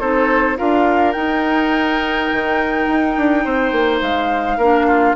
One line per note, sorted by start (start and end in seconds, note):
0.00 0.58 C4
0.00 0.57 D#4
0.00 0.58 A4
0.00 0.57 C5
0.57 1.16 D4
0.57 1.14 F4
0.57 3.44 A#4
0.57 1.12 F5
1.12 2.30 D#4
1.12 4.60 D#4
1.12 3.98 G5
2.32 2.87 D#3
2.87 3.16 D#4
3.17 3.45 D4
3.44 3.72 C4
3.44 4.57 C5
3.72 4.01 A#3
4.02 4.57 G#3
4.02 5.16 F5
4.57 5.15 A#3
4.57 5.16 D4
4.57 4.86 A#4
4.87 5.16 F4